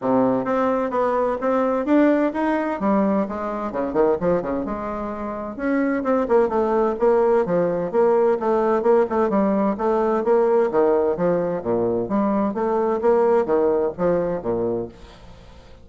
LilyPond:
\new Staff \with { instrumentName = "bassoon" } { \time 4/4 \tempo 4 = 129 c4 c'4 b4 c'4 | d'4 dis'4 g4 gis4 | cis8 dis8 f8 cis8 gis2 | cis'4 c'8 ais8 a4 ais4 |
f4 ais4 a4 ais8 a8 | g4 a4 ais4 dis4 | f4 ais,4 g4 a4 | ais4 dis4 f4 ais,4 | }